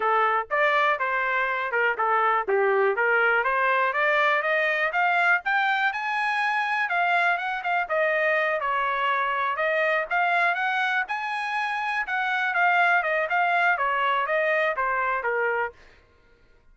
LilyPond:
\new Staff \with { instrumentName = "trumpet" } { \time 4/4 \tempo 4 = 122 a'4 d''4 c''4. ais'8 | a'4 g'4 ais'4 c''4 | d''4 dis''4 f''4 g''4 | gis''2 f''4 fis''8 f''8 |
dis''4. cis''2 dis''8~ | dis''8 f''4 fis''4 gis''4.~ | gis''8 fis''4 f''4 dis''8 f''4 | cis''4 dis''4 c''4 ais'4 | }